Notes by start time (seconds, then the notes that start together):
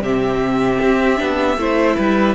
0.00 C3 C4 G4 E5
0.82 C4
1.17 B3 D4
1.57 A3 E4 C5
1.96 G3 B4